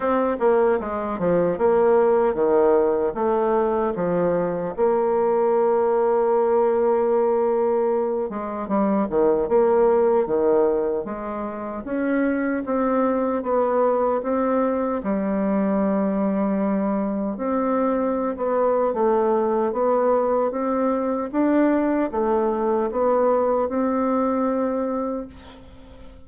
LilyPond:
\new Staff \with { instrumentName = "bassoon" } { \time 4/4 \tempo 4 = 76 c'8 ais8 gis8 f8 ais4 dis4 | a4 f4 ais2~ | ais2~ ais8 gis8 g8 dis8 | ais4 dis4 gis4 cis'4 |
c'4 b4 c'4 g4~ | g2 c'4~ c'16 b8. | a4 b4 c'4 d'4 | a4 b4 c'2 | }